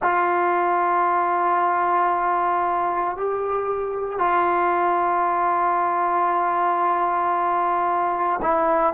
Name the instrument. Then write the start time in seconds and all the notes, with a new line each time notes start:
trombone
0.02 F4
3.16 G4
4.18 F4
8.42 E4